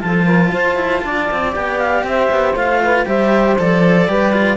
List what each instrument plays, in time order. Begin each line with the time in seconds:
0.00 cello F3 F4, saxophone A4, clarinet A5
0.24 saxophone A#4
0.52 cello F4, saxophone C5
0.76 cello E4
1.04 cello D4, saxophone D5
1.31 cello C4
1.52 cello B3 G4, clarinet G5
1.78 clarinet F5
2.03 cello C4, saxophone C5, clarinet E5
2.30 cello B3
2.54 cello A3 F4, clarinet F5
2.82 saxophone B4
3.06 cello G3 G4, saxophone C5, clarinet E5
3.58 cello F3 A4, clarinet D5
4.08 cello G3 G4, saxophone B4
4.33 cello F4